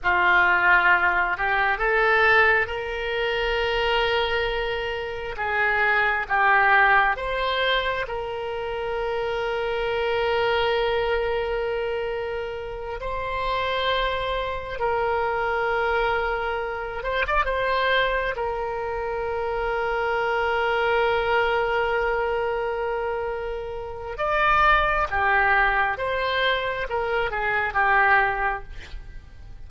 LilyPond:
\new Staff \with { instrumentName = "oboe" } { \time 4/4 \tempo 4 = 67 f'4. g'8 a'4 ais'4~ | ais'2 gis'4 g'4 | c''4 ais'2.~ | ais'2~ ais'8 c''4.~ |
c''8 ais'2~ ais'8 c''16 d''16 c''8~ | c''8 ais'2.~ ais'8~ | ais'2. d''4 | g'4 c''4 ais'8 gis'8 g'4 | }